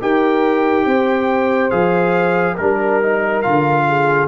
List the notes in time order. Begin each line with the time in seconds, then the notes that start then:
0.00 D#4 G4 A#4 G5
0.85 C4 C5
1.70 F3 G#4 F5
2.54 G3 A#4
2.60 D4
3.02 D#4
3.42 D3 F4 F5
3.87 G#4